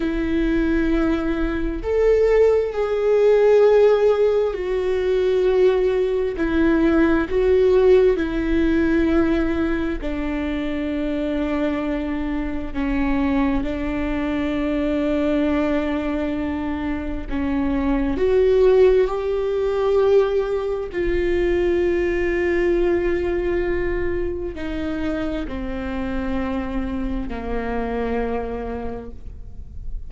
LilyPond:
\new Staff \with { instrumentName = "viola" } { \time 4/4 \tempo 4 = 66 e'2 a'4 gis'4~ | gis'4 fis'2 e'4 | fis'4 e'2 d'4~ | d'2 cis'4 d'4~ |
d'2. cis'4 | fis'4 g'2 f'4~ | f'2. dis'4 | c'2 ais2 | }